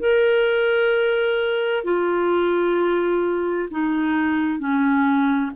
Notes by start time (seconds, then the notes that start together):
0.00 A#4
1.84 F4
3.71 D#4
4.59 C#4